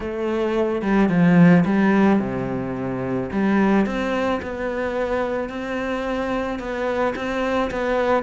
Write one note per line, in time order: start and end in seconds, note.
0.00 0.81 A3
0.81 1.09 G3
1.09 1.64 F3
1.65 2.19 G3
2.19 3.30 C3
3.32 3.86 G3
3.86 4.41 C4
4.42 5.49 B3
5.49 6.59 C4
6.59 7.14 B3
7.15 7.70 C4
7.70 8.23 B3